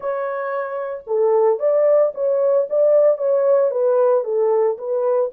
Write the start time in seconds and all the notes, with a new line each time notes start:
0.00 C#5
1.06 A4
1.59 D5
2.14 C#5
2.69 D5
3.17 C#5
3.70 B4
4.24 A4
4.78 B4